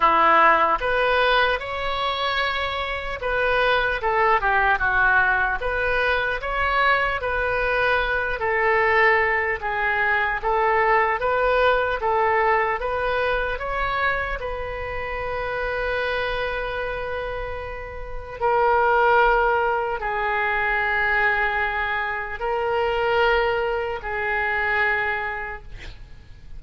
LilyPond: \new Staff \with { instrumentName = "oboe" } { \time 4/4 \tempo 4 = 75 e'4 b'4 cis''2 | b'4 a'8 g'8 fis'4 b'4 | cis''4 b'4. a'4. | gis'4 a'4 b'4 a'4 |
b'4 cis''4 b'2~ | b'2. ais'4~ | ais'4 gis'2. | ais'2 gis'2 | }